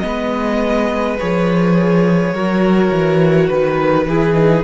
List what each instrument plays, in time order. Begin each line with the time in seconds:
0.00 cello G#3, viola B3, violin B4 D#5
1.19 cello F3, viola G#4, violin C#5
2.33 cello F#3, viola F#4, violin A#4
2.91 cello E3
3.48 cello D#3, violin B4
4.07 cello E3, viola E4, violin G#4
4.34 viola D#4